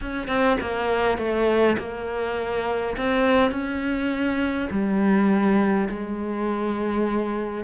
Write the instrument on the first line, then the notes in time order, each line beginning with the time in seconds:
cello
0.01 C#4
0.27 C4
0.60 A#3
1.18 A3
1.78 A#3
2.97 C4
3.51 C#4
4.70 G3
5.89 G#3